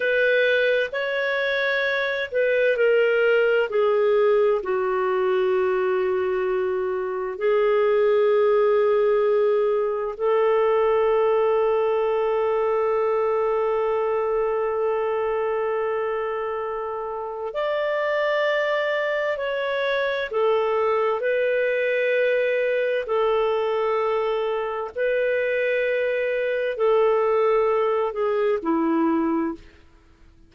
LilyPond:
\new Staff \with { instrumentName = "clarinet" } { \time 4/4 \tempo 4 = 65 b'4 cis''4. b'8 ais'4 | gis'4 fis'2. | gis'2. a'4~ | a'1~ |
a'2. d''4~ | d''4 cis''4 a'4 b'4~ | b'4 a'2 b'4~ | b'4 a'4. gis'8 e'4 | }